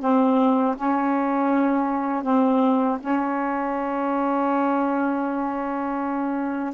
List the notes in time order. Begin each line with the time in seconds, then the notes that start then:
0.00 C4
0.76 C#4
2.23 C4
3.00 C#4